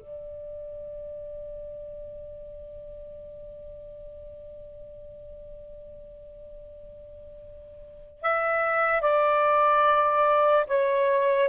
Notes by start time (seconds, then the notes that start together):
0.00 D5
8.22 E5
9.01 D5
10.67 C#5